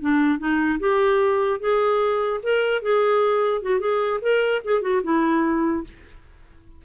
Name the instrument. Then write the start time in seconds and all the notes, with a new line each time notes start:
clarinet
0.00 D4
0.38 D#4
0.79 G4
1.59 G#4
2.42 A#4
2.82 G#4
3.62 F#4
3.79 G#4
4.21 A#4
4.64 G#4
4.81 F#4
5.03 E4